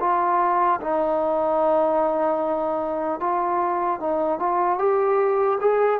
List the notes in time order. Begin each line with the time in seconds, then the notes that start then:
0.00 F4
0.81 D#4
3.20 F4
4.00 D#4
4.39 F4
4.78 G4
5.60 G#4